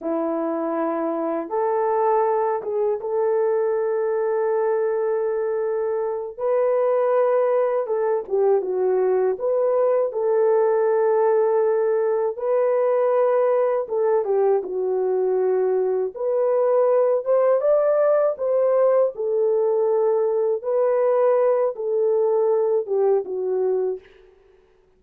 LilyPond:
\new Staff \with { instrumentName = "horn" } { \time 4/4 \tempo 4 = 80 e'2 a'4. gis'8 | a'1~ | a'8 b'2 a'8 g'8 fis'8~ | fis'8 b'4 a'2~ a'8~ |
a'8 b'2 a'8 g'8 fis'8~ | fis'4. b'4. c''8 d''8~ | d''8 c''4 a'2 b'8~ | b'4 a'4. g'8 fis'4 | }